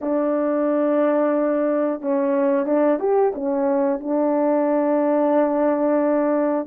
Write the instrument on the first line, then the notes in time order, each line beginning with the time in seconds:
horn
0.01 D4
2.01 C#4
2.66 D4
2.99 G4
3.34 C#4
4.00 D4